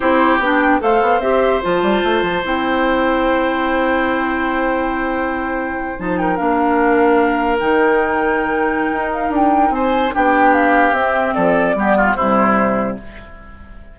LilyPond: <<
  \new Staff \with { instrumentName = "flute" } { \time 4/4 \tempo 4 = 148 c''4 g''4 f''4 e''4 | a''2 g''2~ | g''1~ | g''2~ g''8. a''8 g''8 f''16~ |
f''2~ f''8. g''4~ g''16~ | g''2~ g''8 f''8 g''4 | gis''4 g''4 f''4 e''4 | d''2 c''2 | }
  \new Staff \with { instrumentName = "oboe" } { \time 4/4 g'2 c''2~ | c''1~ | c''1~ | c''2.~ c''16 ais'8.~ |
ais'1~ | ais'1 | c''4 g'2. | a'4 g'8 f'8 e'2 | }
  \new Staff \with { instrumentName = "clarinet" } { \time 4/4 e'4 d'4 a'4 g'4 | f'2 e'2~ | e'1~ | e'2~ e'8. dis'4 d'16~ |
d'2~ d'8. dis'4~ dis'16~ | dis'1~ | dis'4 d'2 c'4~ | c'4 b4 g2 | }
  \new Staff \with { instrumentName = "bassoon" } { \time 4/4 c'4 b4 a8 b8 c'4 | f8 g8 a8 f8 c'2~ | c'1~ | c'2~ c'8. f4 ais16~ |
ais2~ ais8. dis4~ dis16~ | dis2 dis'4 d'4 | c'4 b2 c'4 | f4 g4 c2 | }
>>